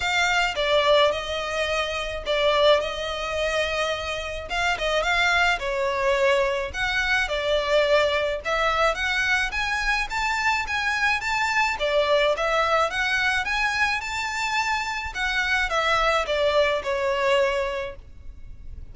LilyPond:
\new Staff \with { instrumentName = "violin" } { \time 4/4 \tempo 4 = 107 f''4 d''4 dis''2 | d''4 dis''2. | f''8 dis''8 f''4 cis''2 | fis''4 d''2 e''4 |
fis''4 gis''4 a''4 gis''4 | a''4 d''4 e''4 fis''4 | gis''4 a''2 fis''4 | e''4 d''4 cis''2 | }